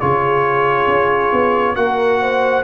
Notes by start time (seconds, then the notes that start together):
0.00 C#3 F4 G#4 C#5
0.87 C#4
1.33 B3
1.76 A#3 F#4 A#4 F#5
2.21 C5